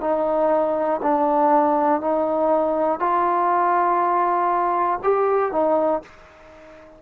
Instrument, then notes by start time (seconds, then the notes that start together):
trombone
0.00 D#4
1.02 D4
2.00 D#4
2.99 F4
5.03 G4
5.51 D#4